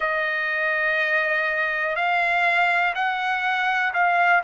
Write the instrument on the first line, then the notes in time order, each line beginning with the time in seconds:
trumpet
0.00 D#5
1.95 F5
2.94 F#5
3.93 F5